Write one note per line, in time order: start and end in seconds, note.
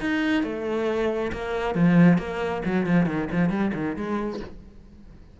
0.00 0.43 D#4
0.43 1.31 A3
1.32 1.75 A#3
1.75 2.18 F3
2.18 2.62 A#3
2.65 2.86 F#3
2.86 3.06 F3
3.06 3.28 D#3
3.31 3.50 F3
3.50 3.72 G3
3.74 3.96 D#3
3.96 4.40 G#3